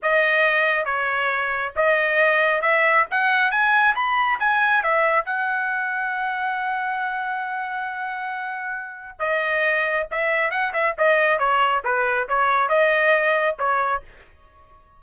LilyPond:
\new Staff \with { instrumentName = "trumpet" } { \time 4/4 \tempo 4 = 137 dis''2 cis''2 | dis''2 e''4 fis''4 | gis''4 b''4 gis''4 e''4 | fis''1~ |
fis''1~ | fis''4 dis''2 e''4 | fis''8 e''8 dis''4 cis''4 b'4 | cis''4 dis''2 cis''4 | }